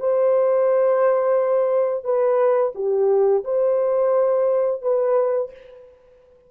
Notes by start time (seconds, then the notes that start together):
0.00 C5
2.04 B4
2.75 G4
3.45 C5
4.82 B4